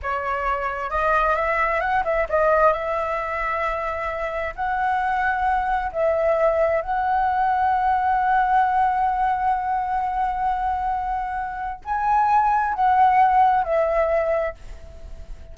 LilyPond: \new Staff \with { instrumentName = "flute" } { \time 4/4 \tempo 4 = 132 cis''2 dis''4 e''4 | fis''8 e''8 dis''4 e''2~ | e''2 fis''2~ | fis''4 e''2 fis''4~ |
fis''1~ | fis''1~ | fis''2 gis''2 | fis''2 e''2 | }